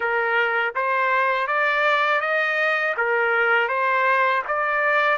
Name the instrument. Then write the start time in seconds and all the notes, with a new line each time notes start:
trumpet
0.00 A#4
0.75 C5
1.47 D5
2.21 D#5
2.97 A#4
3.68 C5
4.47 D5